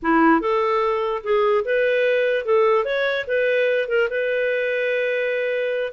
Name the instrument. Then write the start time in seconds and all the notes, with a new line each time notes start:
clarinet
0.02 E4
0.40 A4
1.23 G#4
1.64 B4
2.45 A4
2.85 C#5
3.27 B4
3.88 A#4
4.10 B4